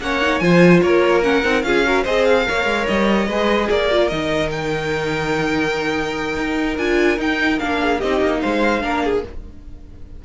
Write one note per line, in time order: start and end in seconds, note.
0.00 0.40 A#3
0.00 0.21 C#4
0.00 0.42 C#5
0.00 0.39 F#5
0.21 0.42 D#4
0.39 0.81 F3
0.39 1.23 F4
0.39 0.83 C5
0.39 0.80 G#5
0.81 1.44 A#3
0.81 1.65 A#4
0.81 1.22 C#5
1.23 1.43 C#4
1.23 1.62 F#5
1.43 1.62 C4
1.43 1.64 D#4
1.62 2.03 C#4
1.62 1.84 F4
1.62 1.86 G#4
1.62 2.04 F5
1.84 2.05 F#4
1.84 2.03 A#4
2.03 2.48 C4
2.03 2.45 G#4
2.03 2.44 C5
2.03 2.25 D#5
2.25 2.86 F5
2.45 2.65 A#3
2.45 3.27 A#4
2.45 3.28 C#5
2.65 2.85 G#3
2.87 3.27 G3
2.87 3.69 D#5
3.27 3.68 G#3
3.27 3.91 G#4
3.27 3.69 B4
3.70 4.11 A#3
3.70 7.80 A#4
3.70 4.08 D5
3.91 4.09 F4
4.08 6.36 D#3
4.08 6.76 D#4
4.08 4.49 D#5
4.51 6.77 G5
6.36 6.77 D#4
6.77 7.18 D4
6.77 7.17 F4
6.77 7.18 G#5
7.17 7.58 D#4
7.17 7.59 D#4
7.17 7.59 G5
7.59 8.02 A#3
7.59 8.00 D4
7.59 8.00 F5
7.80 7.98 G#4
7.98 8.21 C4
7.98 8.81 D#4
7.98 8.39 G4
7.98 8.40 D#5
8.21 8.41 A#3
8.40 8.82 G#3
8.40 8.82 C5
8.40 9.22 F5
8.81 9.23 A#3
8.81 9.22 D4
8.81 9.03 A#4
9.04 9.24 G#4